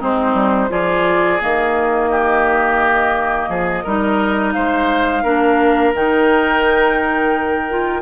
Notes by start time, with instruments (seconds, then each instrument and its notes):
0.00 bassoon G#3, clarinet C4, oboe D#4, flute C5
0.34 bassoon G3
0.70 bassoon F3, clarinet F4, oboe G#4, flute D5
1.41 bassoon D#3, clarinet A#3, flute D#5
2.11 oboe G4
3.49 bassoon F3, oboe G#4
3.83 bassoon G3, clarinet D#4, oboe A#4
4.52 bassoon G#3, oboe C5, flute F5
5.23 bassoon A#3, clarinet D4, oboe A#4
5.94 bassoon D#3, clarinet D#4, flute G5
7.69 clarinet F4